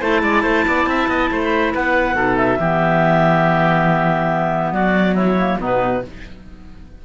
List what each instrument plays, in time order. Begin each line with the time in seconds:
0.00 cello A3, clarinet E4 A5, oboe C5
0.23 cello G#3, oboe D5
0.43 cello A3, oboe C5
0.68 cello B3, oboe D5
0.86 cello C4, oboe E5
1.08 cello B3, oboe D#5
1.32 cello A3, oboe C5
1.44 clarinet B5
1.74 cello B3, oboe B4, clarinet F#5
2.15 cello B2, clarinet D#4, oboe A4
2.37 clarinet E5
2.60 cello E3, clarinet B3, oboe G4
4.72 cello F#3, oboe F#4, clarinet D5
5.15 oboe E4, clarinet C#5
5.38 clarinet A#3
5.59 cello B2, clarinet B3 B4, oboe D#4